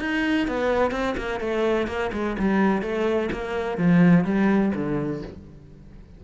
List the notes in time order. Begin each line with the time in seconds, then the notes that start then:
0.00 D#4
0.48 B3
0.91 C4
1.17 A#3
1.40 A3
1.87 A#3
2.13 G#3
2.39 G3
2.82 A3
3.32 A#3
3.78 F3
4.24 G3
4.75 D3